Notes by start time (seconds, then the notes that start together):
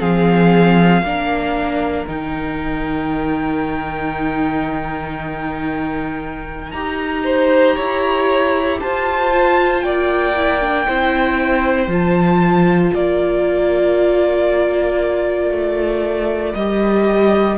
0.00 F3 C4 G#4 F5
1.03 A#3 D4 A#4
2.07 D#3 D#4 G5
6.72 D#4 G4 A#5
7.25 C5
7.77 E4 C#5
8.80 F4 C5 A5
9.32 F4
9.81 A#3 D5 G5
10.36 E4
10.61 D4
10.87 C4 E4 C5
11.88 F3 F4 A5
12.92 A#3 A#4 D5
15.51 A3
16.55 G3 G4 D#5